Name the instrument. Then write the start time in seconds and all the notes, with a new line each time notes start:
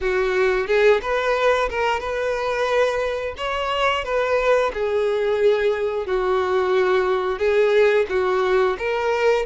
violin
0.01 F#4
0.67 G#4
1.01 B4
1.69 A#4
2.00 B4
3.37 C#5
4.04 B4
4.73 G#4
6.06 F#4
7.38 G#4
8.09 F#4
8.78 A#4